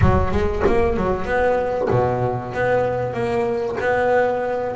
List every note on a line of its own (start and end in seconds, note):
0.01 0.31 F#3
0.31 0.63 G#3
0.66 0.96 A#3
0.96 1.25 F#3
1.25 1.88 B3
1.90 2.53 B2
2.53 3.13 B3
3.13 3.76 A#3
3.80 4.75 B3